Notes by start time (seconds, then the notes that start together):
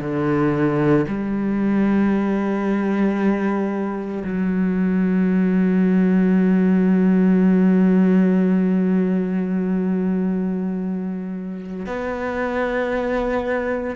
0.00 D3
1.08 G3
4.24 F#3
11.87 B3